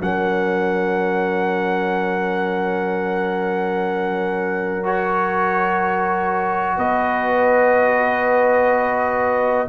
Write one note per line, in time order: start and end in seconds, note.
0.00 6.77 F#3
0.00 4.83 C#4
0.00 6.76 A#4
0.00 4.85 F#5
4.83 9.67 F#4
4.83 6.78 C#5
6.76 9.68 B3
6.76 9.67 B4
6.76 9.68 D#5